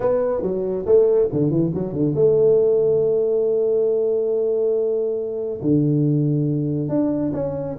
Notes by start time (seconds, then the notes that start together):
0.00 B3
0.42 F#3
0.85 A3
1.32 D3
1.50 E3
1.74 F#3
1.92 D3
2.15 A3
5.61 D3
6.88 D4
7.33 C#4